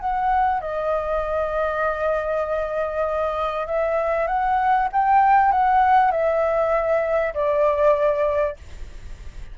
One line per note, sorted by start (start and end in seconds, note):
0.00 0.61 F#5
0.61 3.67 D#5
3.67 4.27 E5
4.27 4.88 F#5
4.92 5.51 G5
5.51 6.11 F#5
6.11 7.34 E5
7.34 8.56 D5